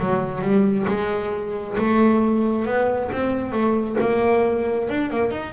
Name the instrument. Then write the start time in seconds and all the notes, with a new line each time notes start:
double bass
0.00 F#3
0.42 G3
0.88 G#3
1.78 A3
2.66 B3
3.13 C4
3.53 A3
4.00 A#3
4.89 D4
5.11 A#3
5.31 D#4